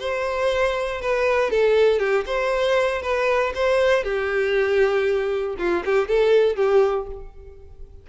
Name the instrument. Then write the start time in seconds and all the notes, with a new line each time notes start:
violin
0.00 C5
1.01 B4
1.51 A4
1.99 G4
2.26 C5
3.02 B4
3.55 C5
4.04 G4
5.58 F4
5.86 G4
6.08 A4
6.56 G4